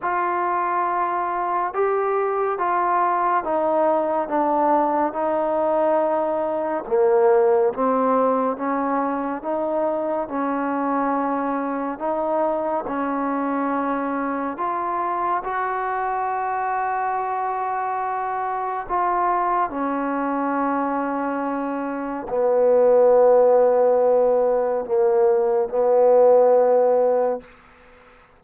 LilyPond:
\new Staff \with { instrumentName = "trombone" } { \time 4/4 \tempo 4 = 70 f'2 g'4 f'4 | dis'4 d'4 dis'2 | ais4 c'4 cis'4 dis'4 | cis'2 dis'4 cis'4~ |
cis'4 f'4 fis'2~ | fis'2 f'4 cis'4~ | cis'2 b2~ | b4 ais4 b2 | }